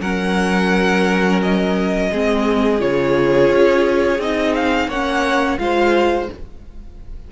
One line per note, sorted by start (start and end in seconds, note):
0.00 2.09 F#3
0.00 2.12 C#4
0.00 2.10 A#4
0.00 1.40 F#5
1.42 2.81 D#5
2.11 2.81 G#3
2.11 2.79 C4
2.11 4.88 G#4
2.79 3.50 C#3
2.79 4.18 F4
2.79 4.20 C#5
3.50 4.18 C#4
4.18 4.88 C4
4.18 4.90 D#4
4.18 4.55 D#5
4.55 4.90 F5
4.88 5.57 A#3
4.88 5.58 C#4
4.88 5.58 C#5
4.88 5.58 F#5
5.58 6.28 G#3
5.58 6.28 F4
5.58 6.31 C5
5.58 6.28 F5